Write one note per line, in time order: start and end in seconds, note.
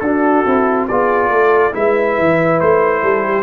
0.00 0.44 D4
0.00 0.88 F#4
0.00 0.86 A4
0.06 0.46 D4
0.46 0.89 C4
0.46 0.89 E4
0.88 1.29 B3
0.88 1.72 F4
0.88 1.30 G#4
0.88 1.74 D5
1.29 1.72 A3
1.29 1.72 A4
1.72 2.18 G#3
1.72 3.43 E4
1.72 3.02 B4
1.72 2.60 E5
2.19 2.61 E3
2.60 3.03 A3
2.60 3.43 C5
3.02 3.43 G3
3.02 3.23 A4
3.23 3.43 G4